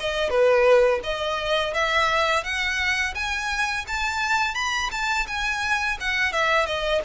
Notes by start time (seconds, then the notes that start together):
0.00 D#5
0.30 B4
1.03 D#5
1.74 E5
2.44 F#5
3.15 G#5
3.88 A5
4.55 B5
4.92 A5
5.27 G#5
6.00 F#5
6.33 E5
6.66 D#5